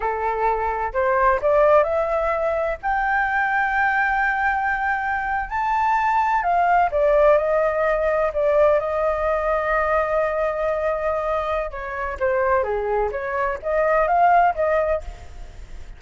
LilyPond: \new Staff \with { instrumentName = "flute" } { \time 4/4 \tempo 4 = 128 a'2 c''4 d''4 | e''2 g''2~ | g''2.~ g''8. a''16~ | a''4.~ a''16 f''4 d''4 dis''16~ |
dis''4.~ dis''16 d''4 dis''4~ dis''16~ | dis''1~ | dis''4 cis''4 c''4 gis'4 | cis''4 dis''4 f''4 dis''4 | }